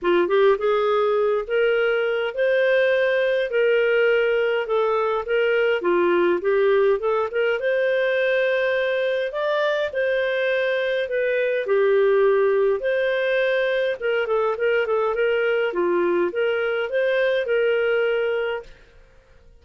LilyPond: \new Staff \with { instrumentName = "clarinet" } { \time 4/4 \tempo 4 = 103 f'8 g'8 gis'4. ais'4. | c''2 ais'2 | a'4 ais'4 f'4 g'4 | a'8 ais'8 c''2. |
d''4 c''2 b'4 | g'2 c''2 | ais'8 a'8 ais'8 a'8 ais'4 f'4 | ais'4 c''4 ais'2 | }